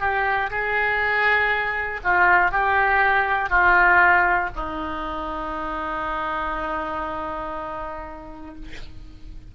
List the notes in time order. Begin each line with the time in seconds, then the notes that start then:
0.00 G4
0.50 G#4
2.03 F4
2.51 G4
3.50 F4
4.55 D#4